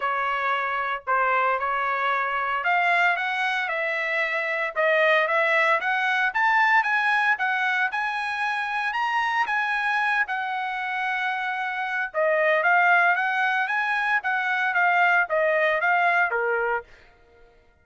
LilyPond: \new Staff \with { instrumentName = "trumpet" } { \time 4/4 \tempo 4 = 114 cis''2 c''4 cis''4~ | cis''4 f''4 fis''4 e''4~ | e''4 dis''4 e''4 fis''4 | a''4 gis''4 fis''4 gis''4~ |
gis''4 ais''4 gis''4. fis''8~ | fis''2. dis''4 | f''4 fis''4 gis''4 fis''4 | f''4 dis''4 f''4 ais'4 | }